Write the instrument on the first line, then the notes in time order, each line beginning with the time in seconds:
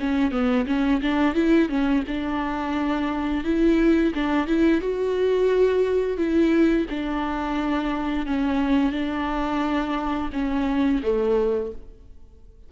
viola
0.00 C#4
0.31 B3
0.67 C#4
1.02 D4
1.35 E4
1.69 C#4
2.08 D4
3.45 E4
4.15 D4
4.47 E4
4.81 F#4
6.18 E4
6.90 D4
8.26 C#4
8.92 D4
10.33 C#4
11.03 A3